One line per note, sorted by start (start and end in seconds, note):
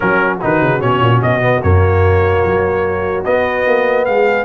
0.00 0.42 F#3
0.00 0.39 C#4
0.00 4.06 F#4
0.00 0.39 A#4
0.41 0.61 D#3
0.41 0.80 D#4
0.41 0.81 B4
0.61 0.81 C#3
0.80 1.00 B2
0.80 1.40 C#4
0.80 1.21 C#5
1.00 1.21 A#2
1.22 1.62 B2
1.22 1.62 D#5
1.40 1.61 B3
1.62 2.43 F#2
1.62 3.24 A#3
1.62 3.24 C#5
2.44 3.25 F#3
3.24 3.66 B3
3.24 4.45 B3
3.24 4.05 D#5
3.66 4.07 A#3
4.05 4.45 G#3
4.05 4.45 G#4
4.05 4.45 F5